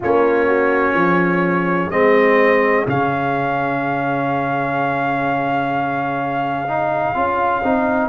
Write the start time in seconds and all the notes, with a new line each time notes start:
0.00 A#3 C#4 F4 C#5
0.47 F#4
0.93 F3 G#4
1.90 G#3 C4 D#5
2.86 C#3 C#4 F5
6.68 D#4
7.14 C#4 F4
7.62 C4 D#4